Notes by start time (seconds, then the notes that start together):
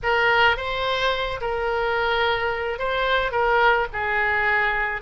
0.02 A#4
0.57 C5
1.40 A#4
2.79 C5
3.31 A#4
3.92 G#4